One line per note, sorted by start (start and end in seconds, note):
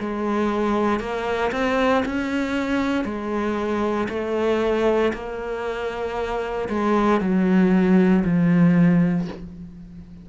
0.00 1.00 G#3
1.00 1.52 A#3
1.52 2.04 C4
2.06 3.05 C#4
3.05 4.08 G#3
4.10 5.13 A3
5.14 6.69 A#3
6.70 7.21 G#3
7.21 8.24 F#3
8.25 9.28 F3